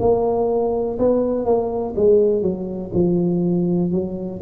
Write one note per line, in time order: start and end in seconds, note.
0.00 0.98 A#3
0.99 1.46 B3
1.46 1.95 A#3
1.96 2.42 G#3
2.42 2.92 F#3
2.94 3.92 F3
3.92 4.41 F#3